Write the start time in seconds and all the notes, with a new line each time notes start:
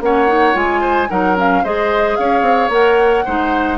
0.00 A#3 C#4 C#5 F#5
0.27 D#4
0.53 G#3 F4 G#5
0.81 C5
1.09 F#3 D#4 A#4 F#5
1.36 C#4 F5
1.63 G#3 G#4 C5 D#5
2.16 C#4 C#5 F5
2.41 C4
2.69 A#3 A#4 F#5
3.25 G#3 D#4 C5